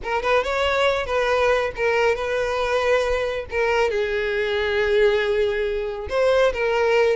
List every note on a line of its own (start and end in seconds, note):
0.03 0.22 A#4
0.22 0.43 B4
0.43 1.06 C#5
1.06 1.71 B4
1.76 2.15 A#4
2.15 3.45 B4
3.50 3.90 A#4
3.90 6.07 G#4
6.09 6.52 C5
6.53 7.16 A#4